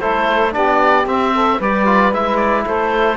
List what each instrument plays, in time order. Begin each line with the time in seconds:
0.00 cello A3, trombone E4, saxophone A4, oboe C5
0.52 cello B3, trombone D4, saxophone G4, oboe D5
1.06 cello C4, trombone C4, oboe E5
1.35 saxophone A4
1.58 cello G3, trombone G4, saxophone B4, oboe D5
1.86 trombone F4
2.12 cello G#3, trombone E4, oboe E5
2.37 oboe D5
2.66 cello A3, saxophone A4, oboe C5